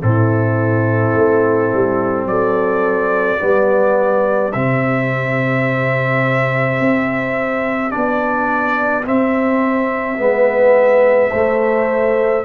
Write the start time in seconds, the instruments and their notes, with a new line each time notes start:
0.00 tuba A2, trombone C4, horn E4, trumpet A4
1.14 tuba A3
1.73 tuba G3
2.25 tuba F#3, horn A4, trumpet D5
3.39 tuba G3, trombone B3, horn G4
4.52 tuba C3, trombone C4, trumpet E5
6.80 tuba C4
7.90 tuba B3, trombone D4, trumpet D5
9.05 trombone C4, tuba C4, trumpet E5
10.17 tuba G#3, trombone B3, horn B4
11.30 trombone A3, tuba A3, horn C5